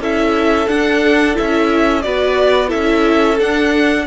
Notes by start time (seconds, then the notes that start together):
0.00 C#4 E4 A4 E5
0.67 D4 F#5
1.34 E4 E5
1.41 C#4
2.02 B3 F#4 B4 D5
2.68 C#4 E4 A4 E5
3.39 D4 F#5